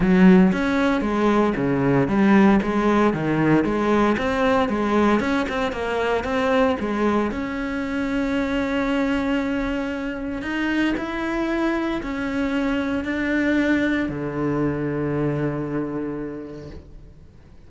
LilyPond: \new Staff \with { instrumentName = "cello" } { \time 4/4 \tempo 4 = 115 fis4 cis'4 gis4 cis4 | g4 gis4 dis4 gis4 | c'4 gis4 cis'8 c'8 ais4 | c'4 gis4 cis'2~ |
cis'1 | dis'4 e'2 cis'4~ | cis'4 d'2 d4~ | d1 | }